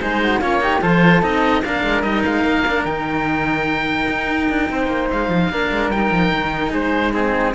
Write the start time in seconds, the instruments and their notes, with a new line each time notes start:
0.00 cello G#3 D#4, flute G#4, oboe C5
0.22 flute F#4
0.40 cello A#3 C#4, flute F4, oboe C#5
0.60 cello D#4, flute G4
0.81 cello F3 F4, flute A4, oboe C5
1.22 cello C4 D#4, oboe D#5
1.64 cello A#3 D4, flute A#4, oboe F5
1.83 cello G#3
2.02 cello G3 D#4, oboe D#5
2.25 cello G#3, oboe F5
2.44 cello A#3
2.67 cello D4
2.84 cello D#3 D#4, oboe G5
4.08 cello D#4
4.49 cello D4
4.70 cello C4, flute C5
4.87 cello A#3
5.11 cello G#3, oboe F5
5.28 cello F3
5.50 cello A#3 D4, flute A#4
5.71 cello G#3
5.90 cello G3 D#4, oboe G5
6.11 cello F3
6.32 cello D#3
6.70 cello G#3, flute G#4, oboe C5
7.13 cello C4, flute D#4, oboe G#4